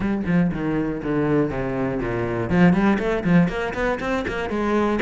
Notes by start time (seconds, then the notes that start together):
0.00 G3
0.26 F3
0.52 D#3
1.02 D3
1.50 C3
2.00 A#2
2.50 F3
2.73 G3
2.98 A3
3.24 F3
3.48 A#3
3.74 B3
4.00 C4
4.27 A#3
4.49 G#3